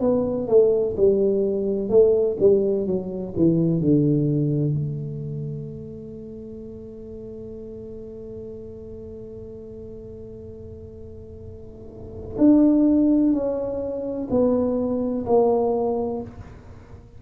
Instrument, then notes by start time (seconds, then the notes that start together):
tuba
0.00 B3
0.48 A3
0.97 G3
1.89 A3
2.39 G3
2.86 F#3
3.36 E3
3.80 D3
4.74 A3
12.38 D4
13.33 C#4
14.30 B3
15.26 A#3